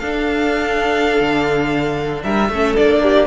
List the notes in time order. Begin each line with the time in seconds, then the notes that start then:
0.00 D4 A4 F5
1.21 D3
2.24 G3 A#4 E5
2.49 A3 C#4 A4
2.77 A#3 D4 D5
3.03 G4